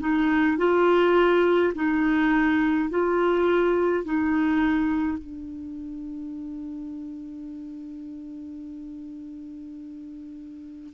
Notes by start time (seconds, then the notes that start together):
0.00 D#4
0.58 F4
1.75 D#4
2.90 F4
4.04 D#4
5.18 D4